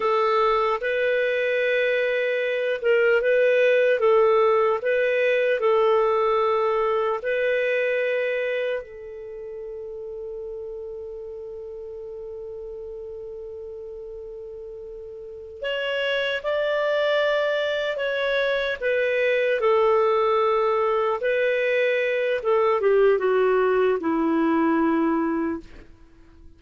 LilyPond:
\new Staff \with { instrumentName = "clarinet" } { \time 4/4 \tempo 4 = 75 a'4 b'2~ b'8 ais'8 | b'4 a'4 b'4 a'4~ | a'4 b'2 a'4~ | a'1~ |
a'2.~ a'8 cis''8~ | cis''8 d''2 cis''4 b'8~ | b'8 a'2 b'4. | a'8 g'8 fis'4 e'2 | }